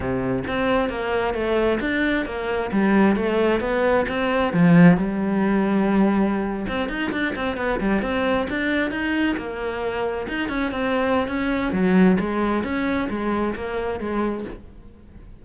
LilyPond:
\new Staff \with { instrumentName = "cello" } { \time 4/4 \tempo 4 = 133 c4 c'4 ais4 a4 | d'4 ais4 g4 a4 | b4 c'4 f4 g4~ | g2~ g8. c'8 dis'8 d'16~ |
d'16 c'8 b8 g8 c'4 d'4 dis'16~ | dis'8. ais2 dis'8 cis'8 c'16~ | c'4 cis'4 fis4 gis4 | cis'4 gis4 ais4 gis4 | }